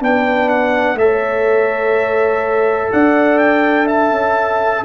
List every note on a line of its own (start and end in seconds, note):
0.00 0.95 B3
0.00 0.97 D4
0.00 0.99 B4
0.00 0.49 G5
0.49 0.97 F#5
0.95 2.89 A3
0.95 4.85 A4
0.95 2.92 E5
1.03 2.93 C#5
2.92 4.11 D4
2.92 3.86 D5
2.92 3.39 F#5
3.39 3.87 G5
3.86 4.83 E5
3.86 4.85 A5
4.11 4.84 C#4